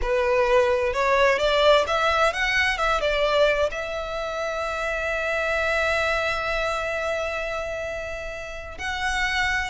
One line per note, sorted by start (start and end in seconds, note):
0.01 0.93 B4
0.93 1.38 C#5
1.38 1.85 D5
1.87 2.33 E5
2.33 2.77 F#5
2.77 3.00 E5
3.00 3.70 D5
3.71 8.78 E5
8.78 9.70 F#5